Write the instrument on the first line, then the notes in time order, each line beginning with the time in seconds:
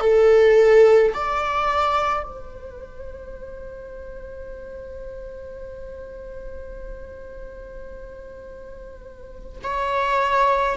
viola
0.00 A4
1.14 D5
2.23 C5
9.63 C#5